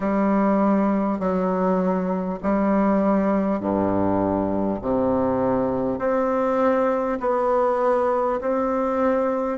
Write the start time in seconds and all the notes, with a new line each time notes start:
0.00 G3
1.19 F#3
2.43 G3
3.59 G2
4.81 C3
5.98 C4
7.20 B3
8.41 C4